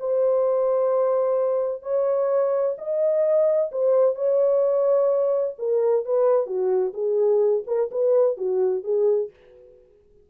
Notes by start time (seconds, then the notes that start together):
0.00 C5
1.83 C#5
2.78 D#5
3.72 C5
4.16 C#5
5.59 A#4
6.06 B4
6.47 F#4
6.94 G#4
7.67 A#4
7.92 B4
8.37 F#4
8.84 G#4